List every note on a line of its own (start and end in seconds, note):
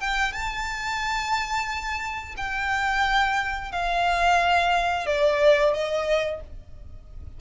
0.00 0.32 G5
0.32 2.34 A5
2.37 3.71 G5
3.71 5.06 F5
5.06 5.73 D5
5.73 6.40 D#5